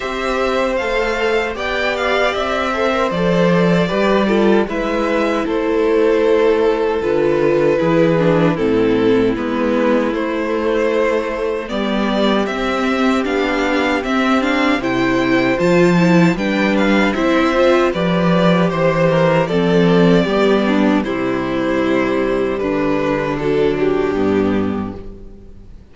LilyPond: <<
  \new Staff \with { instrumentName = "violin" } { \time 4/4 \tempo 4 = 77 e''4 f''4 g''8 f''8 e''4 | d''2 e''4 c''4~ | c''4 b'2 a'4 | b'4 c''2 d''4 |
e''4 f''4 e''8 f''8 g''4 | a''4 g''8 f''8 e''4 d''4 | c''4 d''2 c''4~ | c''4 b'4 a'8 g'4. | }
  \new Staff \with { instrumentName = "violin" } { \time 4/4 c''2 d''4. c''8~ | c''4 b'8 a'8 b'4 a'4~ | a'2 gis'4 e'4~ | e'2. g'4~ |
g'2. c''4~ | c''4 b'4 c''4 b'4 | c''8 ais'8 a'4 g'8 d'8 e'4~ | e'4 d'2. | }
  \new Staff \with { instrumentName = "viola" } { \time 4/4 g'4 a'4 g'4. a'16 ais'16 | a'4 g'8 f'8 e'2~ | e'4 f'4 e'8 d'8 c'4 | b4 a2 b4 |
c'4 d'4 c'8 d'8 e'4 | f'8 e'8 d'4 e'8 f'8 g'4~ | g'4 c'4 b4 g4~ | g2 fis4 b4 | }
  \new Staff \with { instrumentName = "cello" } { \time 4/4 c'4 a4 b4 c'4 | f4 g4 gis4 a4~ | a4 d4 e4 a,4 | gis4 a2 g4 |
c'4 b4 c'4 c4 | f4 g4 c'4 f4 | e4 f4 g4 c4~ | c4 d2 g,4 | }
>>